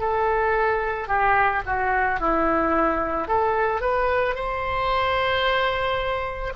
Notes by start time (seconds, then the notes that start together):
0.00 A4
1.08 G4
1.66 F#4
2.20 E4
3.28 A4
3.81 B4
4.35 C5